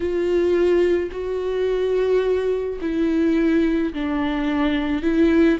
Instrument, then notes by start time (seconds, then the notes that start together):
viola
0.00 F4
1.11 F#4
2.81 E4
3.93 D4
5.02 E4